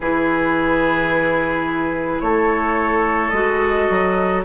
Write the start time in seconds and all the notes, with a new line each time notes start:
0.00 E3 E4 G#4 B4
2.20 A3 A4 C#5
3.30 G#3 F#4 D#5
3.89 F#3